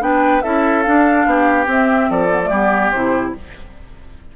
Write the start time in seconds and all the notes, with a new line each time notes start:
0.00 B3 D4 B4 G5
0.42 C#4 E4 A4 E5
0.82 D4 F5
1.25 B3 G4
1.66 C4 E5
2.10 F3 A4 D5
2.30 B3
2.43 A3
2.49 G3 B3 G4
2.91 C3 E4 C5